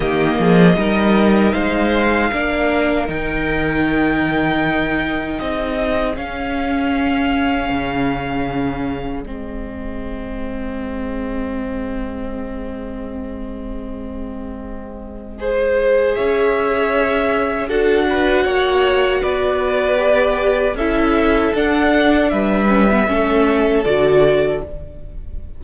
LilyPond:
<<
  \new Staff \with { instrumentName = "violin" } { \time 4/4 \tempo 4 = 78 dis''2 f''2 | g''2. dis''4 | f''1 | dis''1~ |
dis''1~ | dis''4 e''2 fis''4~ | fis''4 d''2 e''4 | fis''4 e''2 d''4 | }
  \new Staff \with { instrumentName = "violin" } { \time 4/4 g'8 gis'8 ais'4 c''4 ais'4~ | ais'2. gis'4~ | gis'1~ | gis'1~ |
gis'1 | c''4 cis''2 a'8 b'8 | cis''4 b'2 a'4~ | a'4 b'4 a'2 | }
  \new Staff \with { instrumentName = "viola" } { \time 4/4 ais4 dis'2 d'4 | dis'1 | cis'1 | c'1~ |
c'1 | gis'2. fis'4~ | fis'2 g'4 e'4 | d'4. cis'16 b16 cis'4 fis'4 | }
  \new Staff \with { instrumentName = "cello" } { \time 4/4 dis8 f8 g4 gis4 ais4 | dis2. c'4 | cis'2 cis2 | gis1~ |
gis1~ | gis4 cis'2 d'4 | ais4 b2 cis'4 | d'4 g4 a4 d4 | }
>>